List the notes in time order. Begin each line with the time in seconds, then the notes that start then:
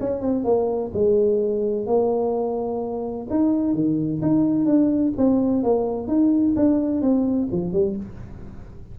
0.00 C#4
0.21 C4
0.45 A#3
0.94 G#3
1.86 A#3
3.30 D#4
3.74 D#3
4.22 D#4
4.66 D4
5.17 C4
5.63 A#3
6.08 D#4
6.56 D4
7.02 C4
7.51 F3
7.73 G3